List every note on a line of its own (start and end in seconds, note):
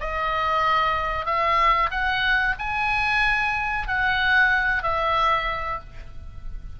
0.00 1.25 D#5
1.25 1.90 E5
1.91 2.55 F#5
2.58 3.87 G#5
3.87 4.82 F#5
4.82 5.79 E5